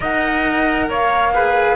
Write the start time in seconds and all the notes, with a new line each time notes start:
0.00 D#4 A#4 D#5 F#5
0.88 A#3 C#5 F5
1.33 G#4 B4